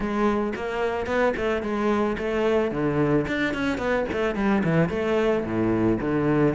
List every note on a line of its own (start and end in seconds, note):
0.00 0.53 G#3
0.55 1.06 A#3
1.06 1.33 B3
1.36 1.62 A3
1.62 2.17 G#3
2.18 2.71 A3
2.71 3.26 D3
3.27 3.54 D4
3.54 3.78 C#4
3.78 4.05 B3
4.12 4.35 A3
4.35 4.62 G3
4.64 4.89 E3
4.89 5.43 A3
5.44 5.99 A2
6.00 6.54 D3